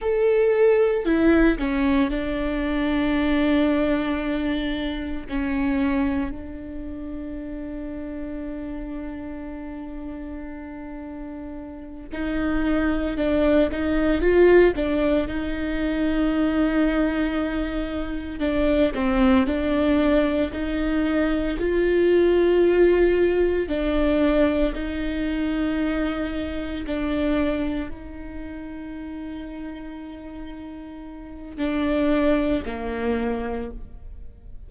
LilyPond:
\new Staff \with { instrumentName = "viola" } { \time 4/4 \tempo 4 = 57 a'4 e'8 cis'8 d'2~ | d'4 cis'4 d'2~ | d'2.~ d'8 dis'8~ | dis'8 d'8 dis'8 f'8 d'8 dis'4.~ |
dis'4. d'8 c'8 d'4 dis'8~ | dis'8 f'2 d'4 dis'8~ | dis'4. d'4 dis'4.~ | dis'2 d'4 ais4 | }